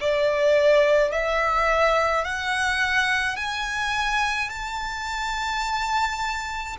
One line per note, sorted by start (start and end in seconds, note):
0.00 1.12 D5
1.12 2.24 E5
2.24 3.36 F#5
3.36 4.49 G#5
4.49 6.76 A5